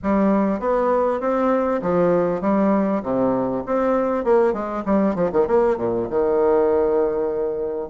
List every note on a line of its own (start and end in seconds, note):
0.02 0.59 G3
0.59 1.20 B3
1.20 1.81 C4
1.82 2.41 F3
2.41 3.01 G3
3.02 3.63 C3
3.66 4.24 C4
4.24 4.53 A#3
4.53 4.83 G#3
4.85 5.15 G3
5.15 5.30 F3
5.32 5.47 D#3
5.47 5.77 A#3
5.77 6.07 A#2
6.09 7.89 D#3